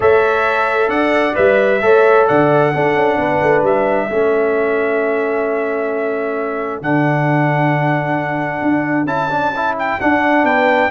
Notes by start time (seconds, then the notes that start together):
0.00 A3 A4 C#5 E5
0.88 D4 D5 F#5
1.34 G3 B4 E5
1.81 A3 A4 C#5
2.27 D3 D5 F#5
2.73 D4 A4
2.95 C#4
3.17 B3 B4
3.42 A3
3.62 G3 E5
4.09 A3 C#4 A4
6.81 D3 D4 F#5
8.62 D4
9.04 C#4 E4 A5
9.29 D4
9.55 E4
9.78 G5
10.00 D4 F#5
10.43 B3 B4 G5